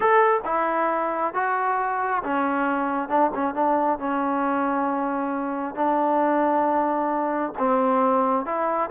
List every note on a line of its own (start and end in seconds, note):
0.00 0.40 A4
0.44 1.33 E4
1.34 2.22 F#4
2.23 3.08 C#4
3.08 3.31 D4
3.34 3.54 C#4
3.54 3.98 D4
3.98 5.75 C#4
5.75 7.53 D4
7.58 8.45 C4
8.45 8.90 E4